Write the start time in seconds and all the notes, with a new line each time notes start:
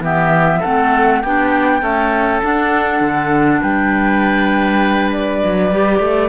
0.00 E3 B3 G4 E5
0.60 A3 C4 A4 F#5
1.22 B3 D4 G4 G5
1.81 A3 C#4 A4
2.42 D4 F#5
3.01 D3
3.62 G3 B4 G5
5.12 D5
5.45 F#3
5.71 G3 G4
6.00 A3